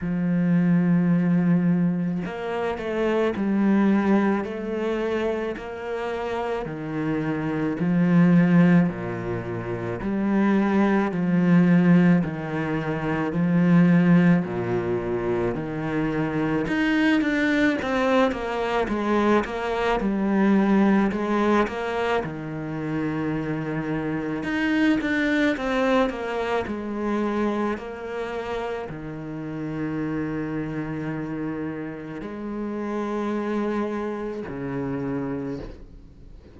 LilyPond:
\new Staff \with { instrumentName = "cello" } { \time 4/4 \tempo 4 = 54 f2 ais8 a8 g4 | a4 ais4 dis4 f4 | ais,4 g4 f4 dis4 | f4 ais,4 dis4 dis'8 d'8 |
c'8 ais8 gis8 ais8 g4 gis8 ais8 | dis2 dis'8 d'8 c'8 ais8 | gis4 ais4 dis2~ | dis4 gis2 cis4 | }